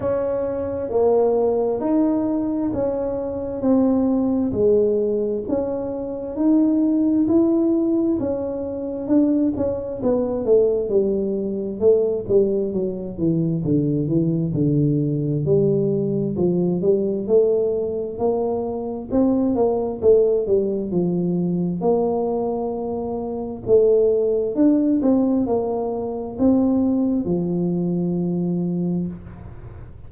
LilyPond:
\new Staff \with { instrumentName = "tuba" } { \time 4/4 \tempo 4 = 66 cis'4 ais4 dis'4 cis'4 | c'4 gis4 cis'4 dis'4 | e'4 cis'4 d'8 cis'8 b8 a8 | g4 a8 g8 fis8 e8 d8 e8 |
d4 g4 f8 g8 a4 | ais4 c'8 ais8 a8 g8 f4 | ais2 a4 d'8 c'8 | ais4 c'4 f2 | }